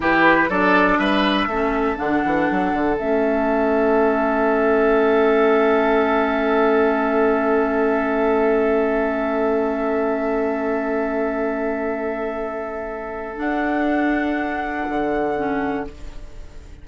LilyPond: <<
  \new Staff \with { instrumentName = "flute" } { \time 4/4 \tempo 4 = 121 b'4 d''4 e''2 | fis''2 e''2~ | e''1~ | e''1~ |
e''1~ | e''1~ | e''2. fis''4~ | fis''1 | }
  \new Staff \with { instrumentName = "oboe" } { \time 4/4 g'4 a'4 b'4 a'4~ | a'1~ | a'1~ | a'1~ |
a'1~ | a'1~ | a'1~ | a'1 | }
  \new Staff \with { instrumentName = "clarinet" } { \time 4/4 e'4 d'2 cis'4 | d'2 cis'2~ | cis'1~ | cis'1~ |
cis'1~ | cis'1~ | cis'2. d'4~ | d'2. cis'4 | }
  \new Staff \with { instrumentName = "bassoon" } { \time 4/4 e4 fis4 g4 a4 | d8 e8 fis8 d8 a2~ | a1~ | a1~ |
a1~ | a1~ | a2. d'4~ | d'2 d2 | }
>>